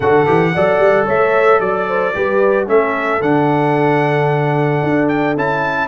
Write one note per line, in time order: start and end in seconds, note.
0.00 0.26 D3
0.00 0.26 F#4
0.00 0.53 A4
0.00 1.06 F#5
0.26 0.55 E3
0.26 0.53 G4
0.54 0.78 F#3
0.54 2.14 A4
0.54 1.06 D5
0.78 1.05 G3
1.06 1.59 A3
1.06 1.59 C#5
1.06 1.60 E5
1.59 2.13 F#3
1.59 1.87 D5
1.59 2.67 D5
1.88 2.14 C5
2.14 2.68 G3
2.14 2.66 G4
2.14 2.68 B4
2.66 3.21 A3
2.66 3.20 C#4
2.66 5.87 A4
2.66 3.21 E5
3.21 4.82 D3
3.21 5.37 D4
3.21 5.08 F#5
4.83 5.36 D4
5.08 5.35 G5
5.36 5.87 C#4
5.36 5.87 E4
5.36 5.87 A5